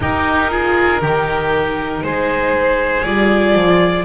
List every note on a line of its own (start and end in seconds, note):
0.00 1.00 D#4
0.00 0.50 D#4
0.00 0.51 G4
0.00 2.03 A#4
0.50 1.01 F4
0.50 1.01 G#4
1.01 2.03 D#3
1.01 3.04 D#4
1.01 2.03 G4
2.03 3.04 G#3
2.03 4.05 G#4
2.03 3.03 C5
3.03 3.54 G3
3.03 4.05 F4
3.03 4.05 D5
3.54 4.05 F3